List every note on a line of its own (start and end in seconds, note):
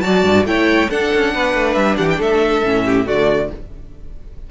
0.00 0.23 F#3
0.00 0.46 F#4
0.00 0.47 D5
0.00 0.43 A5
0.23 0.45 G2
0.45 0.88 A3
0.45 0.90 E4
0.45 0.90 C#5
0.45 0.91 G5
0.90 2.64 D4
0.90 1.13 D4
0.90 1.34 A4
0.90 1.74 F#5
1.15 1.35 C#4
1.35 1.55 B3
1.35 1.97 B4
1.55 1.76 A3
1.74 1.98 G3
1.74 1.96 E5
1.97 2.20 E3
1.97 2.19 G4
1.97 2.09 F#5
2.10 2.21 G5
2.19 2.63 A3
2.19 2.84 A4
2.19 3.08 E5
2.64 3.08 A2
2.64 3.06 C#4
2.86 3.07 G4
3.06 3.51 D3
3.06 3.49 A3
3.06 3.50 F#4
3.06 3.51 D5